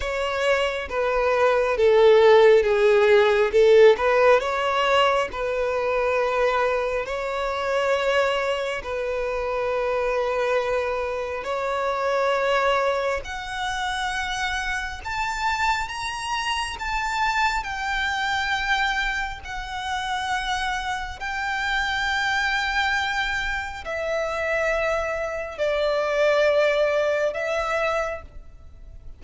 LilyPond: \new Staff \with { instrumentName = "violin" } { \time 4/4 \tempo 4 = 68 cis''4 b'4 a'4 gis'4 | a'8 b'8 cis''4 b'2 | cis''2 b'2~ | b'4 cis''2 fis''4~ |
fis''4 a''4 ais''4 a''4 | g''2 fis''2 | g''2. e''4~ | e''4 d''2 e''4 | }